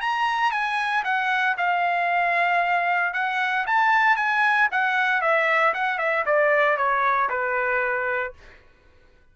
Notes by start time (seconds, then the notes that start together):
0.00 A#5
0.51 G#5
1.04 F#5
1.57 F5
3.13 F#5
3.66 A5
4.16 G#5
4.71 F#5
5.21 E5
5.73 F#5
5.98 E5
6.25 D5
6.76 C#5
7.29 B4